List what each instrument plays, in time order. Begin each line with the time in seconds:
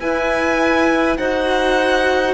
0.00 bassoon E4, cello E4, clarinet B4, violin G#5
1.18 bassoon D#4, cello F#4, clarinet C5, violin F#5